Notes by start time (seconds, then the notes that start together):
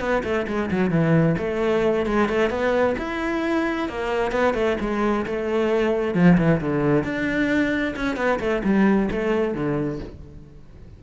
0.00 B3
0.24 A3
0.48 G#3
0.71 F#3
0.90 E3
1.38 A3
2.06 G#3
2.29 A3
2.50 B3
2.98 E4
3.89 A#3
4.32 B3
4.54 A3
4.80 G#3
5.26 A3
6.14 F3
6.38 E3
6.61 D3
7.04 D4
7.96 C#4
8.16 B3
8.40 A3
8.64 G3
9.11 A3
9.54 D3